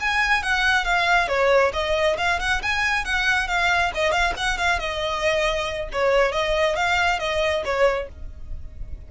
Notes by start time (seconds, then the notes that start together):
0.00 G#5
0.43 F#5
0.85 F5
1.28 C#5
1.73 D#5
2.18 F5
2.40 F#5
2.63 G#5
3.05 F#5
3.48 F5
3.95 D#5
4.12 F5
4.37 F#5
4.58 F5
4.80 D#5
5.93 C#5
6.32 D#5
6.76 F5
7.19 D#5
7.65 C#5